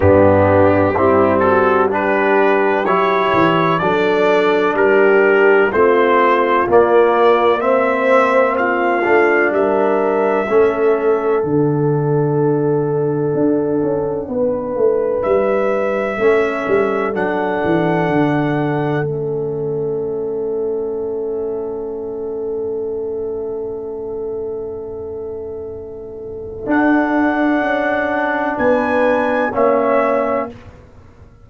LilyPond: <<
  \new Staff \with { instrumentName = "trumpet" } { \time 4/4 \tempo 4 = 63 g'4. a'8 b'4 cis''4 | d''4 ais'4 c''4 d''4 | e''4 f''4 e''2 | fis''1 |
e''2 fis''2 | e''1~ | e''1 | fis''2 gis''4 e''4 | }
  \new Staff \with { instrumentName = "horn" } { \time 4/4 d'4 e'8 fis'8 g'2 | a'4 g'4 f'2 | c''4 f'4 ais'4 a'4~ | a'2. b'4~ |
b'4 a'2.~ | a'1~ | a'1~ | a'2 b'4 cis''4 | }
  \new Staff \with { instrumentName = "trombone" } { \time 4/4 b4 c'4 d'4 e'4 | d'2 c'4 ais4 | c'4. d'4. cis'4 | d'1~ |
d'4 cis'4 d'2 | cis'1~ | cis'1 | d'2. cis'4 | }
  \new Staff \with { instrumentName = "tuba" } { \time 4/4 g,4 g2 fis8 e8 | fis4 g4 a4 ais4~ | ais4. a8 g4 a4 | d2 d'8 cis'8 b8 a8 |
g4 a8 g8 fis8 e8 d4 | a1~ | a1 | d'4 cis'4 b4 ais4 | }
>>